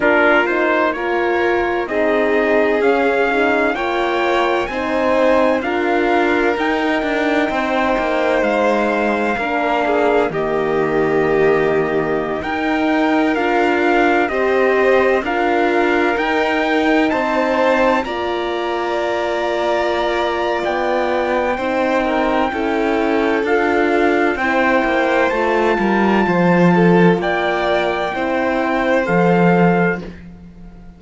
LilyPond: <<
  \new Staff \with { instrumentName = "trumpet" } { \time 4/4 \tempo 4 = 64 ais'8 c''8 cis''4 dis''4 f''4 | g''4 gis''4 f''4 g''4~ | g''4 f''2 dis''4~ | dis''4~ dis''16 g''4 f''4 dis''8.~ |
dis''16 f''4 g''4 a''4 ais''8.~ | ais''2 g''2~ | g''4 f''4 g''4 a''4~ | a''4 g''2 f''4 | }
  \new Staff \with { instrumentName = "violin" } { \time 4/4 f'4 ais'4 gis'2 | cis''4 c''4 ais'2 | c''2 ais'8 gis'8 g'4~ | g'4~ g'16 ais'2 c''8.~ |
c''16 ais'2 c''4 d''8.~ | d''2. c''8 ais'8 | a'2 c''4. ais'8 | c''8 a'8 d''4 c''2 | }
  \new Staff \with { instrumentName = "horn" } { \time 4/4 d'8 dis'8 f'4 dis'4 cis'8 dis'8 | f'4 dis'4 f'4 dis'4~ | dis'2 d'4 ais4~ | ais4~ ais16 dis'4 f'4 g'8.~ |
g'16 f'4 dis'2 f'8.~ | f'2. dis'4 | e'4 f'4 e'4 f'4~ | f'2 e'4 a'4 | }
  \new Staff \with { instrumentName = "cello" } { \time 4/4 ais2 c'4 cis'4 | ais4 c'4 d'4 dis'8 d'8 | c'8 ais8 gis4 ais4 dis4~ | dis4~ dis16 dis'4 d'4 c'8.~ |
c'16 d'4 dis'4 c'4 ais8.~ | ais2 b4 c'4 | cis'4 d'4 c'8 ais8 a8 g8 | f4 ais4 c'4 f4 | }
>>